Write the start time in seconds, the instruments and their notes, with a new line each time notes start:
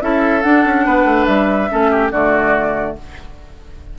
0.00 bassoon C#4, clarinet E4, oboe A4, flute E5
0.42 clarinet D4, bassoon D4, flute F#5
0.65 bassoon C#4
0.85 bassoon B3, oboe B4
1.04 bassoon A3
1.25 bassoon G3, flute E5
1.69 bassoon A3, clarinet C#4, oboe A4
1.91 oboe G4
2.11 bassoon D3, clarinet A3, oboe F#4, flute D5